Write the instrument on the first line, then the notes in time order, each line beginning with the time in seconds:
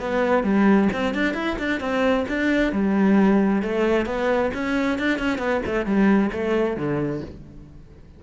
cello
0.00 B3
0.44 G3
0.93 C4
1.15 D4
1.34 E4
1.59 D4
1.81 C4
2.28 D4
2.72 G3
3.62 A3
4.06 B3
4.54 C#4
4.99 D4
5.19 C#4
5.38 B3
5.66 A3
5.86 G3
6.32 A3
6.77 D3